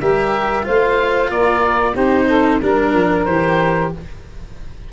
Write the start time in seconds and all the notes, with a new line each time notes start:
0.00 G3 G4 A#4 E5
0.62 A3 F4 C5 F5
1.30 A#3 A#4 D5
1.92 C4 D#4 G4 C5
2.28 A4
2.62 G3 D4 A#4
2.93 F3
3.25 E3 G4 C5